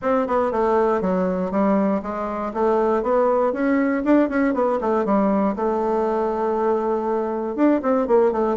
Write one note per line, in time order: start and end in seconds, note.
0.02 0.27 C4
0.27 0.51 B3
0.51 1.01 A3
1.01 1.51 F#3
1.51 2.01 G3
2.02 2.52 G#3
2.53 3.03 A3
3.03 3.52 B3
3.52 4.03 C#4
4.04 4.29 D4
4.29 4.54 C#4
4.54 4.79 B3
4.80 5.05 A3
5.05 5.55 G3
5.56 7.55 A3
7.55 7.80 D4
7.82 8.07 C4
8.07 8.32 A#3
8.32 8.57 A3